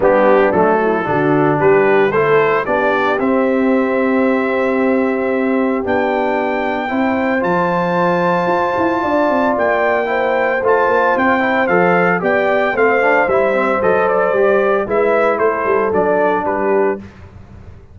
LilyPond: <<
  \new Staff \with { instrumentName = "trumpet" } { \time 4/4 \tempo 4 = 113 g'4 a'2 b'4 | c''4 d''4 e''2~ | e''2. g''4~ | g''2 a''2~ |
a''2 g''2 | a''4 g''4 f''4 g''4 | f''4 e''4 dis''8 d''4. | e''4 c''4 d''4 b'4 | }
  \new Staff \with { instrumentName = "horn" } { \time 4/4 d'4. e'8 fis'4 g'4 | a'4 g'2.~ | g'1~ | g'4 c''2.~ |
c''4 d''2 c''4~ | c''2. d''4 | c''1 | b'4 a'2 g'4 | }
  \new Staff \with { instrumentName = "trombone" } { \time 4/4 b4 a4 d'2 | e'4 d'4 c'2~ | c'2. d'4~ | d'4 e'4 f'2~ |
f'2. e'4 | f'4. e'8 a'4 g'4 | c'8 d'8 e'8 c'8 a'4 g'4 | e'2 d'2 | }
  \new Staff \with { instrumentName = "tuba" } { \time 4/4 g4 fis4 d4 g4 | a4 b4 c'2~ | c'2. b4~ | b4 c'4 f2 |
f'8 e'8 d'8 c'8 ais2 | a8 ais8 c'4 f4 b4 | a4 g4 fis4 g4 | gis4 a8 g8 fis4 g4 | }
>>